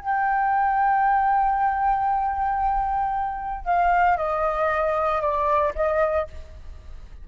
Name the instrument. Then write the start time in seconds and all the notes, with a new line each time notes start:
flute
0.00 G5
3.65 F5
4.17 D#5
5.22 D5
5.75 D#5